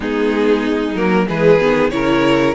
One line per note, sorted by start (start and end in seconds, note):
0.00 0.94 G#3
0.00 0.93 B3
0.00 1.26 D#4
0.00 0.95 G#4
0.94 1.26 F#3
0.94 1.27 A#3
0.94 1.27 A#4
1.27 1.60 E3
1.27 1.59 G#3
1.27 1.92 G#4
1.27 1.90 B4
1.59 1.92 D#3
1.59 1.91 B3
1.90 2.54 C#3
1.90 2.54 E4
1.90 2.54 A#4
1.90 2.54 C#5